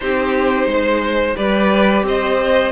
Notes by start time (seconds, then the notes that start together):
0.00 C4 D#4 G4 C5
0.66 G#3 C5
1.35 G3 G4 B4 D5
2.02 C4 C5 D#5